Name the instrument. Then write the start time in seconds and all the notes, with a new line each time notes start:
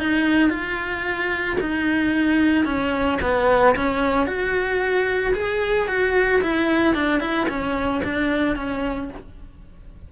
cello
0.00 D#4
0.50 F4
1.61 D#4
2.66 C#4
3.22 B3
3.76 C#4
4.27 F#4
5.35 G#4
5.88 F#4
6.42 E4
6.95 D4
7.21 E4
7.49 C#4
8.05 D4
8.56 C#4